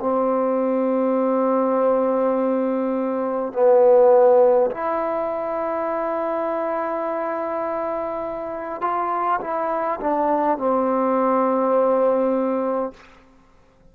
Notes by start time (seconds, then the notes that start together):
0.00 C4
3.52 B3
4.71 E4
8.81 F4
9.41 E4
10.01 D4
10.58 C4